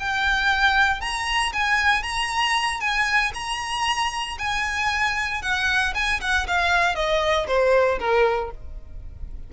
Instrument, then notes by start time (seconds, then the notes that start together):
violin
0.00 G5
1.01 A#5
1.53 G#5
2.03 A#5
2.81 G#5
3.34 A#5
4.39 G#5
5.42 F#5
5.95 G#5
6.21 F#5
6.47 F5
6.95 D#5
7.47 C5
7.99 A#4